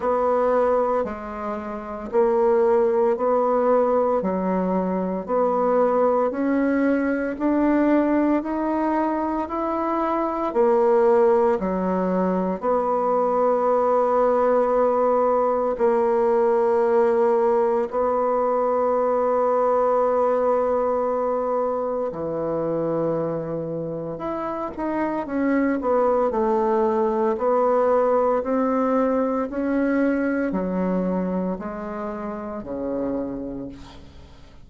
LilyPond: \new Staff \with { instrumentName = "bassoon" } { \time 4/4 \tempo 4 = 57 b4 gis4 ais4 b4 | fis4 b4 cis'4 d'4 | dis'4 e'4 ais4 fis4 | b2. ais4~ |
ais4 b2.~ | b4 e2 e'8 dis'8 | cis'8 b8 a4 b4 c'4 | cis'4 fis4 gis4 cis4 | }